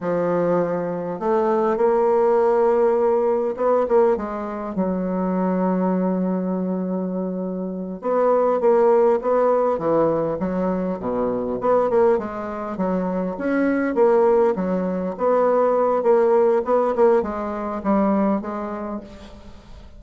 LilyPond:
\new Staff \with { instrumentName = "bassoon" } { \time 4/4 \tempo 4 = 101 f2 a4 ais4~ | ais2 b8 ais8 gis4 | fis1~ | fis4. b4 ais4 b8~ |
b8 e4 fis4 b,4 b8 | ais8 gis4 fis4 cis'4 ais8~ | ais8 fis4 b4. ais4 | b8 ais8 gis4 g4 gis4 | }